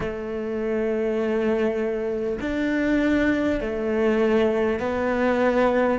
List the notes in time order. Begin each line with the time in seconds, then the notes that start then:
0.00 A3
2.40 D4
3.60 A3
4.79 B3